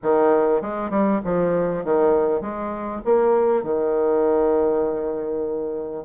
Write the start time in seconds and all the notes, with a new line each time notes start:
0.02 D#3
0.61 G#3
0.90 G3
1.24 F3
1.84 D#3
2.41 G#3
3.05 A#3
3.63 D#3